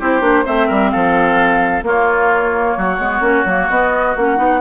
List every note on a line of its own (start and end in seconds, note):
0.00 0.21 C4
0.00 0.22 E4
0.00 0.45 G4
0.00 0.47 C5
0.21 0.44 A#3
0.21 0.45 D4
0.45 0.70 A3
0.45 1.83 C4
0.45 0.68 C5
0.45 0.91 E5
0.68 0.93 G3
0.68 0.91 A#4
0.91 1.83 F3
0.91 1.85 A4
0.91 1.83 F5
1.83 2.75 A#3
1.83 2.99 A#3
1.83 2.78 F4
1.83 3.70 C#5
2.78 2.99 F#3
2.78 4.61 F#4
2.99 3.20 G#3
2.99 3.22 B3
3.20 3.44 A#3
3.20 3.45 C#4
3.45 3.68 F#3
3.45 3.71 A#3
3.70 4.16 B3
3.70 4.17 B3
3.70 4.16 D#5
4.17 4.38 A#3
4.17 4.37 C#4
4.17 4.61 F#5
4.37 4.61 B3
4.37 4.60 D#4